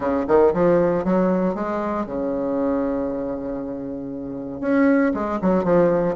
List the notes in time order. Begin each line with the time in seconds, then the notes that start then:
0.00 C#3
0.27 D#3
0.53 F3
1.04 F#3
1.55 G#3
2.06 C#3
4.61 C#4
5.14 G#3
5.41 F#3
5.64 F3